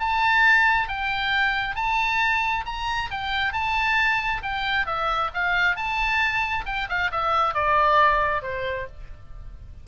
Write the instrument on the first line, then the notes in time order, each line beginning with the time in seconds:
oboe
0.00 A5
0.88 G5
1.76 A5
2.66 A#5
3.11 G5
3.53 A5
4.42 G5
4.86 E5
5.34 F5
5.76 A5
6.66 G5
6.89 F5
7.11 E5
7.54 D5
8.42 C5